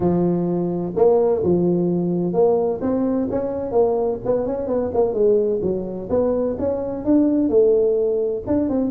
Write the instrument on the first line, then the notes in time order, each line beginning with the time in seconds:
tuba
0.00 F3
0.96 A#3
1.43 F3
2.33 A#3
2.81 C4
3.30 C#4
3.71 A#3
4.25 B3
4.46 C#4
4.67 B3
4.93 A#3
5.13 G#3
5.61 F#3
6.09 B3
6.59 C#4
7.05 D4
7.49 A3
8.46 D4
8.69 C4